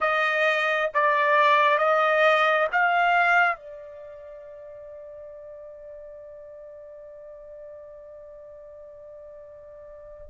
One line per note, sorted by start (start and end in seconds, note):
0.00 0.90 D#5
0.94 1.78 D5
1.78 2.67 D#5
2.72 3.56 F5
3.56 10.27 D5